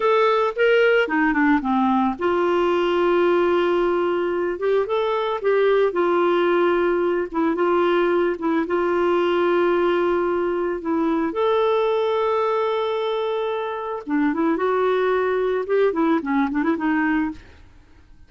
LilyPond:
\new Staff \with { instrumentName = "clarinet" } { \time 4/4 \tempo 4 = 111 a'4 ais'4 dis'8 d'8 c'4 | f'1~ | f'8 g'8 a'4 g'4 f'4~ | f'4. e'8 f'4. e'8 |
f'1 | e'4 a'2.~ | a'2 d'8 e'8 fis'4~ | fis'4 g'8 e'8 cis'8 d'16 e'16 dis'4 | }